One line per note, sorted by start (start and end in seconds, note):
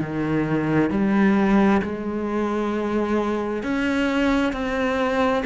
0.00 0.90 D#3
0.90 1.81 G3
1.82 3.63 G#3
3.63 4.52 C#4
4.52 5.43 C4